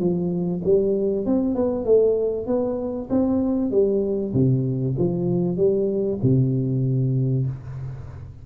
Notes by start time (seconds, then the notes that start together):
0.00 F3
0.64 G3
1.26 C4
1.55 B3
1.85 A3
2.47 B3
3.10 C4
3.71 G3
4.34 C3
4.98 F3
5.57 G3
6.22 C3